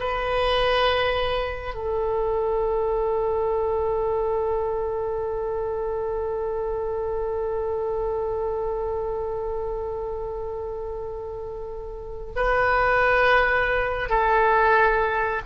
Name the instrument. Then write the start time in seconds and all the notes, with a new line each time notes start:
oboe
0.00 B4
1.74 A4
12.36 B4
14.10 A4